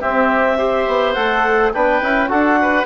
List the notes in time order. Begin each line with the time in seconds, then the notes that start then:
0.00 C4 G4 E5
0.57 G4 C5
0.87 B3
1.13 A3 A4 F#5
1.73 B3 D4 B4 G5
2.01 C#4 E4
2.28 D4 F#4 A4 F#5
2.61 B4